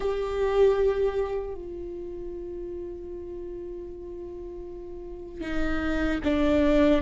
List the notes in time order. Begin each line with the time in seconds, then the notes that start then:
0.00 G4
1.54 F4
5.41 D#4
6.24 D4